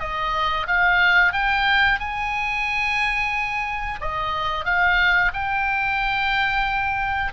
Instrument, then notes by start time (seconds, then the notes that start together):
oboe
0.00 D#5
0.67 F5
1.33 G5
2.00 G#5
4.01 D#5
4.65 F5
5.33 G5